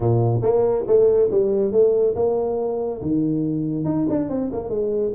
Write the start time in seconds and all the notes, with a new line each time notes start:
0.00 A#2
0.41 A#3
0.87 A3
1.30 G3
1.72 A3
2.15 A#3
3.01 D#3
3.85 D#4
4.09 D4
4.29 C4
4.52 A#3
4.69 G#3